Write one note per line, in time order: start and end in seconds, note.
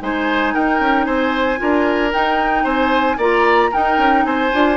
0.00 0.54 G#3
0.00 1.57 D#4
0.00 0.54 C5
0.00 0.54 G#5
0.54 0.79 D#4
0.54 1.06 A#4
0.54 1.04 G5
0.79 1.06 C#4
1.04 1.59 C4
1.04 1.59 C5
1.04 2.10 G#5
1.57 2.14 D4
1.57 2.10 F4
1.57 2.63 A#4
2.11 3.17 D#4
2.11 2.64 D#4
2.11 2.66 G5
2.63 3.17 C4
2.63 3.17 C5
2.63 3.19 G#5
3.17 3.71 A#3
3.17 3.72 F4
3.17 3.70 D5
3.17 3.73 A#5
3.71 4.51 D#4
3.71 3.97 D#4
3.71 4.24 A#4
3.71 4.25 G5
3.97 4.24 C#4
4.24 4.51 C4
4.24 4.77 C5
4.24 4.77 G#5
4.53 4.77 D4
4.53 4.77 F4